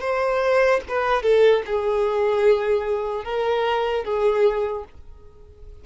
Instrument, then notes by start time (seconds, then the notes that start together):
violin
0.00 C5
0.88 B4
1.22 A4
1.65 G#4
3.24 A#4
4.04 G#4